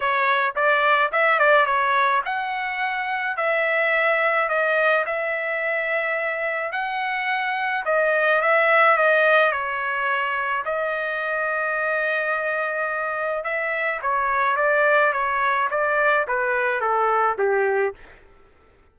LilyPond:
\new Staff \with { instrumentName = "trumpet" } { \time 4/4 \tempo 4 = 107 cis''4 d''4 e''8 d''8 cis''4 | fis''2 e''2 | dis''4 e''2. | fis''2 dis''4 e''4 |
dis''4 cis''2 dis''4~ | dis''1 | e''4 cis''4 d''4 cis''4 | d''4 b'4 a'4 g'4 | }